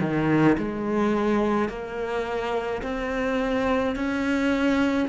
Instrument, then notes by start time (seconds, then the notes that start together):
cello
0.00 D#3
0.58 G#3
1.69 A#3
2.83 C4
3.96 C#4